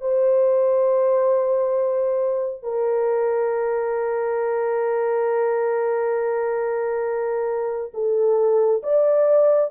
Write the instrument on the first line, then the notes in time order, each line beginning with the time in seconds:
horn
0.00 C5
2.62 A#4
7.93 A4
8.83 D5